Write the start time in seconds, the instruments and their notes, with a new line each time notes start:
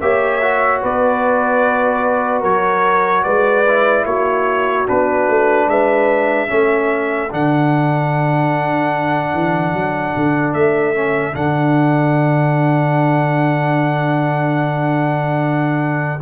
0.00 tuba A#3, trombone G4, horn C#5, trumpet E5
0.41 trombone F#4
0.82 tuba B3, horn B4, trumpet D5
2.40 tuba F#3, horn A#4, trumpet C#5
3.23 tuba G#3, horn B4, trumpet D5
3.67 trombone E4
4.04 tuba A#3, horn F#4, trumpet C#5
4.86 tuba B3, trombone D4, trumpet B4
5.28 tuba A3
5.67 tuba G#3, horn B4, trumpet E5
6.47 tuba A3, trombone C#4, horn A4
7.30 tuba D3, trombone D4, trumpet F#5
9.33 tuba E3
9.73 tuba F#3
10.16 tuba D3
10.53 tuba A3, trumpet E5
10.95 trombone C#4
11.33 tuba D3, trombone D4, trumpet F#5